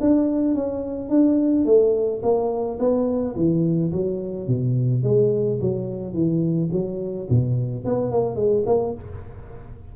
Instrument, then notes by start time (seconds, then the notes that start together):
tuba
0.00 D4
0.54 C#4
1.09 D4
1.65 A3
2.22 A#3
2.79 B3
3.35 E3
3.92 F#3
4.47 B2
5.03 G#3
5.60 F#3
6.13 E3
6.71 F#3
7.29 B2
7.84 B3
8.11 A#3
8.35 G#3
8.65 A#3